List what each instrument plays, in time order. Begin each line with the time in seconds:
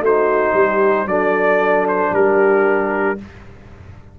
0.00 tuba A3, trombone D#4, horn F#4, trumpet C5
0.53 tuba G3, horn G4
1.05 tuba F#3, trombone D4, horn A4, trumpet D5
1.88 trumpet C5
2.12 tuba G3, horn G4, trumpet A#4